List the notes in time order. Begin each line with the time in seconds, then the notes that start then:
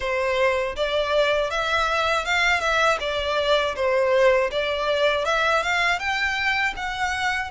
0.00 C5
0.75 D5
1.50 E5
2.25 F5
2.60 E5
3.00 D5
3.75 C5
4.51 D5
5.25 E5
5.62 F5
5.99 G5
6.76 F#5